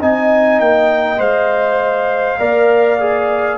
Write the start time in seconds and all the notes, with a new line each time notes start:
0.00 C4 D#4 D#5 G#5
0.59 A#3 G5
1.17 G#3 C5 F5
2.39 A#3 A#4 D5
2.99 G#4